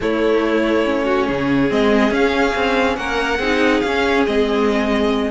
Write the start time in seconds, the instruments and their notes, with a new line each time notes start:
0.00 viola A3, cello A3, violin E4 C#5
0.84 viola C#4
1.05 violin F#4
1.27 cello C#3, violin G#4
1.69 cello G#3, viola C4, violin D#5
2.10 viola C#4, cello C#4, violin F5
2.54 cello C4
2.96 cello A#3, violin A#4 F#5
3.38 cello C4, viola D#4, violin G#4
3.80 cello C#4, viola C#4, violin F5
4.26 cello G#3, viola C4, violin D#5